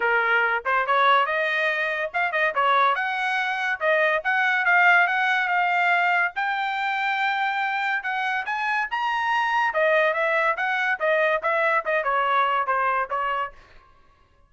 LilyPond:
\new Staff \with { instrumentName = "trumpet" } { \time 4/4 \tempo 4 = 142 ais'4. c''8 cis''4 dis''4~ | dis''4 f''8 dis''8 cis''4 fis''4~ | fis''4 dis''4 fis''4 f''4 | fis''4 f''2 g''4~ |
g''2. fis''4 | gis''4 ais''2 dis''4 | e''4 fis''4 dis''4 e''4 | dis''8 cis''4. c''4 cis''4 | }